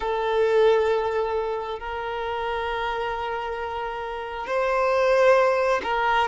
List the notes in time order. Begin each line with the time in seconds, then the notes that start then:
0.00 A4
1.79 A#4
4.47 C5
5.82 A#4